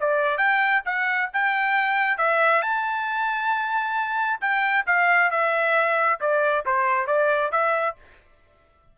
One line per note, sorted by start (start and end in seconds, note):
0.00 0.38 D5
0.38 0.82 G5
0.85 1.30 F#5
1.33 2.17 G5
2.17 2.62 E5
2.62 4.40 A5
4.41 4.85 G5
4.86 5.31 F5
5.31 6.20 E5
6.20 6.65 D5
6.66 7.07 C5
7.07 7.51 D5
7.52 7.96 E5